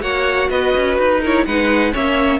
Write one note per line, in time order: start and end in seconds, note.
0.00 0.50 A#3
0.00 1.19 F#4
0.00 0.50 C#5
0.00 0.50 F#5
0.50 0.74 B3
0.50 1.21 B4
0.50 0.98 D#5
0.76 0.99 C#4
0.99 1.46 D#4
0.99 1.23 B4
1.21 1.48 E4
1.21 1.45 A#4
1.21 1.46 C#5
1.46 1.94 G#3
1.46 1.93 D#4
1.46 1.93 B4
1.46 1.94 F#5
1.93 2.40 A#3
1.93 2.40 C#4
1.93 2.40 C#5
1.93 2.40 E5